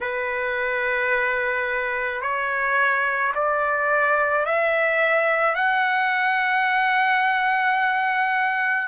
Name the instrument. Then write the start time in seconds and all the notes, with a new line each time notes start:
trumpet
0.00 B4
2.21 C#5
3.34 D5
4.45 E5
5.55 F#5